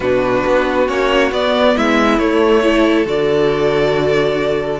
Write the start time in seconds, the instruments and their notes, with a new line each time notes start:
0.00 cello B2, viola D4, violin F#4 B4
0.46 cello B3
0.86 cello A#3, viola C#4, violin C#5
1.31 cello B3, viola B3, violin D5
1.76 cello G#3, violin E4 E5
2.18 cello A3, viola A3, violin C#5
2.62 viola E4, violin A4
3.05 cello D3, viola F#4, violin D5